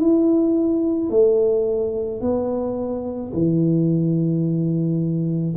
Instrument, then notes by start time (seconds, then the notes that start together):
tuba
0.00 E4
1.10 A3
2.21 B3
3.33 E3